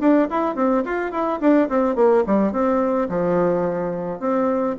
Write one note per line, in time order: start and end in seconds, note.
0.00 0.28 D4
0.30 0.56 E4
0.56 0.84 C4
0.85 1.12 F4
1.12 1.40 E4
1.41 1.69 D4
1.69 1.96 C4
1.96 2.24 A#3
2.27 2.53 G3
2.53 3.09 C4
3.09 4.20 F3
4.20 4.76 C4